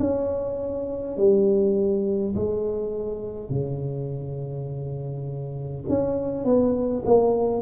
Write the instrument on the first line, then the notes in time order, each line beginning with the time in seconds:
tuba
0.00 C#4
1.18 G3
2.35 G#3
3.50 C#3
5.89 C#4
6.45 B3
7.06 A#3